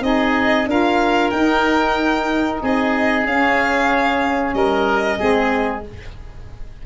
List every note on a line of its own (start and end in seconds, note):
0.00 0.65 C4
0.00 0.66 D#4
0.00 0.69 G#4
0.00 0.67 D#5
0.66 1.30 D4
0.66 1.32 F4
0.66 2.62 A#4
0.66 1.30 F5
1.30 2.61 D#4
1.30 3.27 D#4
1.30 2.59 G5
2.62 3.24 C4
2.62 4.55 G#4
2.62 3.26 D#5
3.24 4.53 C#4
3.24 5.17 C#4
3.24 4.53 F5
4.53 5.18 G3
4.53 5.18 A#4
4.53 5.83 D#5
5.17 5.85 G#3
5.17 5.82 C4
5.17 5.83 G#4